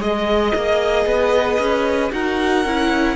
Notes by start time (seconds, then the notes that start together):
0.00 G#3 G#4 D#5
0.55 A#3
1.06 B3 B4
1.59 C#4
2.12 D#4 F#4 A#4 F#5
2.65 C#4 E4